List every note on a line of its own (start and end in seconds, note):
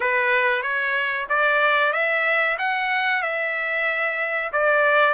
0.00 0.62 B4
0.62 1.26 C#5
1.29 1.92 D5
1.92 2.57 E5
2.58 3.22 F#5
3.22 4.51 E5
4.52 5.13 D5